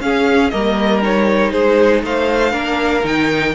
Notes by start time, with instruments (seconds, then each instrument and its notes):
0.00 cello C#4, viola C#4, violin G#4 F5
0.50 cello G3, viola A#3, violin A#4 D#5
1.02 viola D#4, violin C#5
1.52 cello G#3, violin G#4 C5
2.03 cello A3, violin C5 F5
2.51 cello A#3, viola D4, violin A#4
3.04 cello D#3, viola D#4, violin G5